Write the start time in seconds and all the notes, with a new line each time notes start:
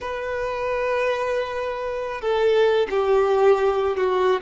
0.00 B4
2.21 A4
2.90 G4
3.96 F#4